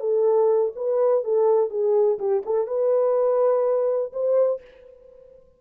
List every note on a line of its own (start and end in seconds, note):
0.00 0.73 A4
0.76 1.24 B4
1.24 1.70 A4
1.70 2.18 G#4
2.19 2.43 G4
2.46 2.67 A4
2.67 4.13 B4
4.13 4.61 C5